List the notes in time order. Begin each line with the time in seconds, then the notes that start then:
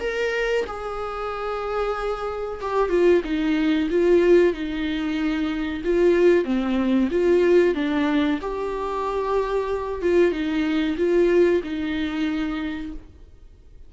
0.00 A#4
0.66 G#4
2.61 G4
2.89 F4
3.24 D#4
3.90 F4
4.53 D#4
5.84 F4
6.44 C4
7.11 F4
7.74 D4
8.41 G4
10.01 F4
10.31 D#4
10.97 F4
11.63 D#4